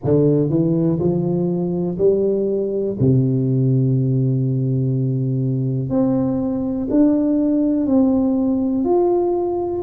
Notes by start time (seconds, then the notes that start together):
0.04 D3
0.49 E3
0.99 F3
1.98 G3
2.99 C3
5.89 C4
6.90 D4
7.86 C4
8.84 F4